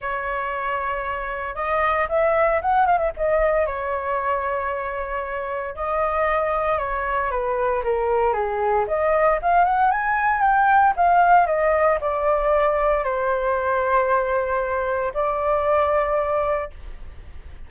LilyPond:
\new Staff \with { instrumentName = "flute" } { \time 4/4 \tempo 4 = 115 cis''2. dis''4 | e''4 fis''8 f''16 e''16 dis''4 cis''4~ | cis''2. dis''4~ | dis''4 cis''4 b'4 ais'4 |
gis'4 dis''4 f''8 fis''8 gis''4 | g''4 f''4 dis''4 d''4~ | d''4 c''2.~ | c''4 d''2. | }